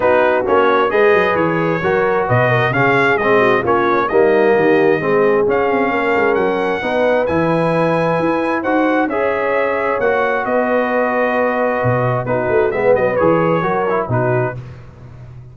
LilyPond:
<<
  \new Staff \with { instrumentName = "trumpet" } { \time 4/4 \tempo 4 = 132 b'4 cis''4 dis''4 cis''4~ | cis''4 dis''4 f''4 dis''4 | cis''4 dis''2. | f''2 fis''2 |
gis''2. fis''4 | e''2 fis''4 dis''4~ | dis''2. b'4 | e''8 dis''8 cis''2 b'4 | }
  \new Staff \with { instrumentName = "horn" } { \time 4/4 fis'2 b'2 | ais'4 b'8 ais'8 gis'4. fis'8 | f'4 dis'4 g'4 gis'4~ | gis'4 ais'2 b'4~ |
b'2. c''4 | cis''2. b'4~ | b'2. fis'4 | b'2 ais'4 fis'4 | }
  \new Staff \with { instrumentName = "trombone" } { \time 4/4 dis'4 cis'4 gis'2 | fis'2 cis'4 c'4 | cis'4 ais2 c'4 | cis'2. dis'4 |
e'2. fis'4 | gis'2 fis'2~ | fis'2. dis'4 | b4 gis'4 fis'8 e'8 dis'4 | }
  \new Staff \with { instrumentName = "tuba" } { \time 4/4 b4 ais4 gis8 fis8 e4 | fis4 b,4 cis4 gis4 | ais4 g4 dis4 gis4 | cis'8 c'8 ais8 gis8 fis4 b4 |
e2 e'4 dis'4 | cis'2 ais4 b4~ | b2 b,4 b8 a8 | gis8 fis8 e4 fis4 b,4 | }
>>